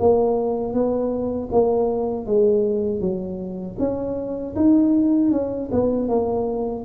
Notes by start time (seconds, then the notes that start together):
0.00 A#3
0.74 B3
1.52 A#3
2.26 G#3
3.01 F#3
3.79 C#4
4.56 D#4
5.32 C#4
5.72 B3
6.09 A#3